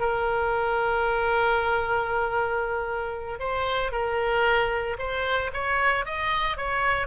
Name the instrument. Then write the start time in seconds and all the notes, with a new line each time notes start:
oboe
0.00 A#4
3.39 C5
3.92 A#4
4.98 C5
5.53 C#5
6.06 D#5
6.57 C#5